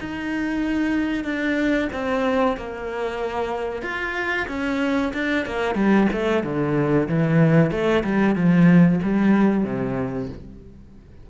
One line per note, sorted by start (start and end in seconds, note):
0.00 1.24 D#4
1.24 1.88 D4
1.92 2.57 C4
2.57 3.82 A#3
3.82 4.46 F4
4.48 5.12 C#4
5.13 5.45 D4
5.45 5.75 A#3
5.75 6.07 G3
6.12 6.43 A3
6.43 7.08 D3
7.09 7.71 E3
7.71 8.03 A3
8.04 8.35 G3
8.35 9.00 F3
9.03 9.64 G3
9.64 10.28 C3